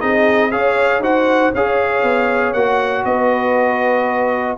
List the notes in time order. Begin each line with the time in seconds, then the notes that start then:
0.00 C4 D#4 G#4 D#5
0.51 C#4 G#4 C#5 F5
1.00 D#4 F#4 C5 F#5
1.53 C#4 G#4 C#5 F5
2.03 B3
2.53 A#3 F#4 F#5
3.05 B3 B4 D#5